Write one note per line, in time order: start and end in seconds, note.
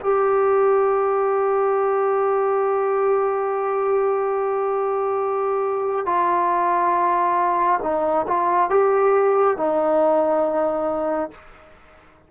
0.00 6.06 G4
6.06 7.79 F4
7.82 8.26 D#4
8.27 8.70 F4
8.70 9.57 G4
9.57 11.30 D#4